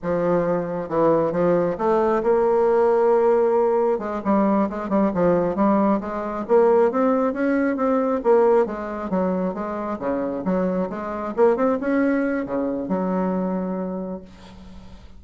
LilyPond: \new Staff \with { instrumentName = "bassoon" } { \time 4/4 \tempo 4 = 135 f2 e4 f4 | a4 ais2.~ | ais4 gis8 g4 gis8 g8 f8~ | f8 g4 gis4 ais4 c'8~ |
c'8 cis'4 c'4 ais4 gis8~ | gis8 fis4 gis4 cis4 fis8~ | fis8 gis4 ais8 c'8 cis'4. | cis4 fis2. | }